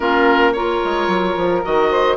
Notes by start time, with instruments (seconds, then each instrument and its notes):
0.00 bassoon A#3, clarinet C#4, saxophone F4, oboe A#4
0.52 clarinet F4, saxophone A#4, oboe C#5
0.84 bassoon G#3
1.07 bassoon F#3
1.36 bassoon F3
1.63 bassoon D#3, clarinet F#4, oboe D#5
1.90 saxophone C5